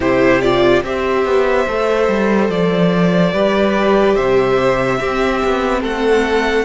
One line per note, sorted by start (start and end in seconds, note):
0.00 0.82 C3
0.00 0.41 E4
0.00 0.83 G4
0.00 0.41 C5
0.41 0.84 F4
0.41 0.82 D5
0.83 1.24 C4
0.83 1.67 G4
0.83 3.33 C5
0.83 2.50 E5
1.24 1.66 B3
1.67 2.08 A3
1.67 3.32 A4
2.08 2.49 G3
2.49 3.32 F3
2.49 4.16 D5
3.32 4.16 G3
3.32 4.98 G4
3.32 4.15 B4
4.15 5.00 C3
4.15 4.98 C5
4.15 5.82 E5
4.98 6.64 C4
4.98 5.42 C4
4.98 5.81 G4
5.44 5.83 B3
5.81 6.64 A3
5.81 6.64 A4
5.81 6.64 F#5